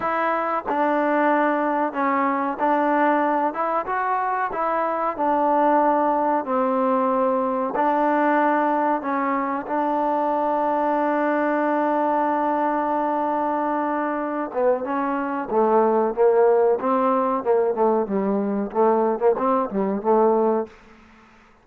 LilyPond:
\new Staff \with { instrumentName = "trombone" } { \time 4/4 \tempo 4 = 93 e'4 d'2 cis'4 | d'4. e'8 fis'4 e'4 | d'2 c'2 | d'2 cis'4 d'4~ |
d'1~ | d'2~ d'8 b8 cis'4 | a4 ais4 c'4 ais8 a8 | g4 a8. ais16 c'8 g8 a4 | }